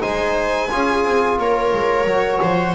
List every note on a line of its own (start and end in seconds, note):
0.00 0.71 G#3
0.00 0.68 D#4
0.00 0.70 C5
0.00 1.38 G#5
0.70 1.04 C#4
0.70 2.06 F4
0.70 1.39 G#4
1.04 1.37 C4
1.37 1.71 A#3
1.37 2.41 A#4
1.37 2.74 C#5
1.72 2.04 G#3
2.04 2.38 F#3
2.04 2.74 F#4
2.41 2.74 F3
2.41 2.74 C5